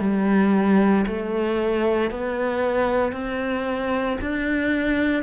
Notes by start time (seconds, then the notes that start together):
0.00 G3
1.07 A3
2.11 B3
3.12 C4
4.21 D4